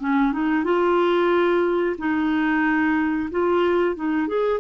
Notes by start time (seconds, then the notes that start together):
0.00 C#4
0.32 D#4
0.64 F4
1.98 D#4
3.31 F4
3.96 D#4
4.28 G#4